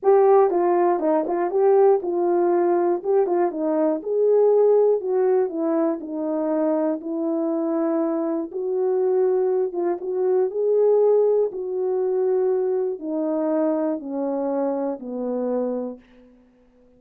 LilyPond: \new Staff \with { instrumentName = "horn" } { \time 4/4 \tempo 4 = 120 g'4 f'4 dis'8 f'8 g'4 | f'2 g'8 f'8 dis'4 | gis'2 fis'4 e'4 | dis'2 e'2~ |
e'4 fis'2~ fis'8 f'8 | fis'4 gis'2 fis'4~ | fis'2 dis'2 | cis'2 b2 | }